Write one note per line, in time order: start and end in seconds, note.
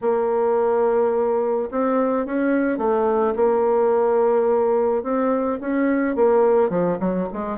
0.01 1.69 A#3
1.71 2.26 C4
2.26 2.78 C#4
2.78 3.34 A3
3.35 5.03 A#3
5.03 5.59 C4
5.60 6.15 C#4
6.15 6.69 A#3
6.69 6.97 F3
7.00 7.28 F#3
7.33 7.58 G#3